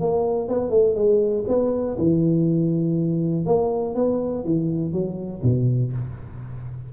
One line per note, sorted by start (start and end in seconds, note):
0.00 0.48 A#3
0.48 0.70 B3
0.70 0.95 A3
0.95 1.44 G#3
1.48 1.97 B3
1.98 3.46 E3
3.46 3.95 A#3
3.95 4.44 B3
4.44 4.92 E3
4.92 5.42 F#3
5.43 5.93 B2